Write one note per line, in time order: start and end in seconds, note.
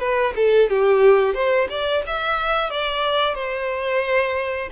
0.00 0.34 B4
0.36 0.70 A4
0.70 1.35 G4
1.35 1.68 C5
1.69 2.03 D5
2.07 2.71 E5
2.71 3.35 D5
3.35 4.70 C5